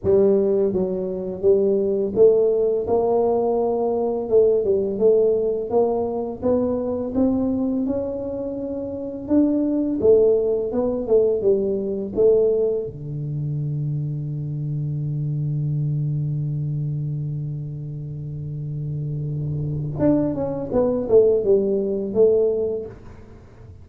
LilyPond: \new Staff \with { instrumentName = "tuba" } { \time 4/4 \tempo 4 = 84 g4 fis4 g4 a4 | ais2 a8 g8 a4 | ais4 b4 c'4 cis'4~ | cis'4 d'4 a4 b8 a8 |
g4 a4 d2~ | d1~ | d1 | d'8 cis'8 b8 a8 g4 a4 | }